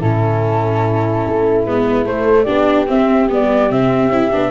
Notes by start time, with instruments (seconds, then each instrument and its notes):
0.00 tuba A2, viola C#4, horn E4, flute A4
1.27 tuba A3
1.64 tuba G#3, viola B3, flute B4
2.05 viola A3, tuba A3, flute C5
2.43 tuba B3, viola D4, horn G4, flute D5
2.87 viola C4, tuba C4, flute E5
3.29 tuba G3, viola B3, flute D5
3.70 tuba C3, viola C4, flute E5
4.10 tuba C4, viola E4
4.31 tuba B3, viola D4